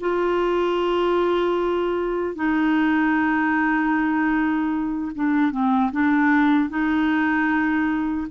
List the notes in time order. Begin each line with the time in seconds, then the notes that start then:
0.00 F4
2.35 D#4
5.15 D4
5.52 C4
5.92 D4
6.69 D#4